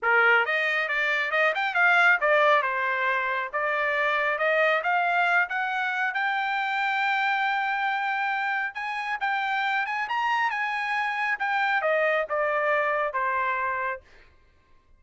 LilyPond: \new Staff \with { instrumentName = "trumpet" } { \time 4/4 \tempo 4 = 137 ais'4 dis''4 d''4 dis''8 g''8 | f''4 d''4 c''2 | d''2 dis''4 f''4~ | f''8 fis''4. g''2~ |
g''1 | gis''4 g''4. gis''8 ais''4 | gis''2 g''4 dis''4 | d''2 c''2 | }